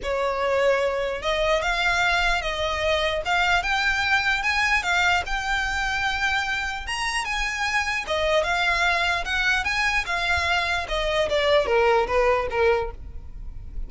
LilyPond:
\new Staff \with { instrumentName = "violin" } { \time 4/4 \tempo 4 = 149 cis''2. dis''4 | f''2 dis''2 | f''4 g''2 gis''4 | f''4 g''2.~ |
g''4 ais''4 gis''2 | dis''4 f''2 fis''4 | gis''4 f''2 dis''4 | d''4 ais'4 b'4 ais'4 | }